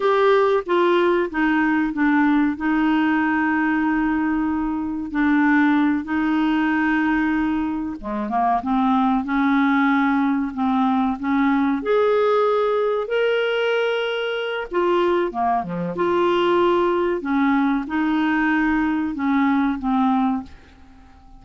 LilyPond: \new Staff \with { instrumentName = "clarinet" } { \time 4/4 \tempo 4 = 94 g'4 f'4 dis'4 d'4 | dis'1 | d'4. dis'2~ dis'8~ | dis'8 gis8 ais8 c'4 cis'4.~ |
cis'8 c'4 cis'4 gis'4.~ | gis'8 ais'2~ ais'8 f'4 | ais8 f8 f'2 cis'4 | dis'2 cis'4 c'4 | }